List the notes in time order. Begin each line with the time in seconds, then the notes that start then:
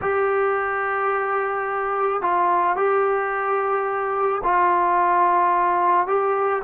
0.01 G4
2.21 F4
2.76 G4
4.43 F4
6.07 G4